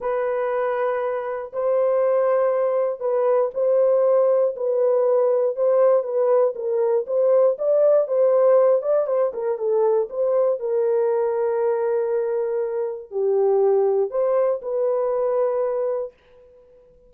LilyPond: \new Staff \with { instrumentName = "horn" } { \time 4/4 \tempo 4 = 119 b'2. c''4~ | c''2 b'4 c''4~ | c''4 b'2 c''4 | b'4 ais'4 c''4 d''4 |
c''4. d''8 c''8 ais'8 a'4 | c''4 ais'2.~ | ais'2 g'2 | c''4 b'2. | }